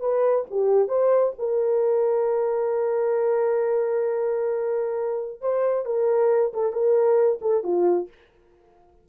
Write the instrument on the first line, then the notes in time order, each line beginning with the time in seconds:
horn
0.00 B4
0.50 G4
0.88 C5
1.38 A#4
5.41 C5
5.85 A#4
6.53 A4
6.72 A#4
7.41 A4
7.63 F4